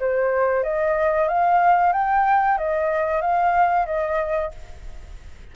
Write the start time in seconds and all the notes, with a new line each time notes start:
0.00 C5
0.64 D#5
1.28 F5
1.93 G5
2.58 D#5
3.22 F5
3.86 D#5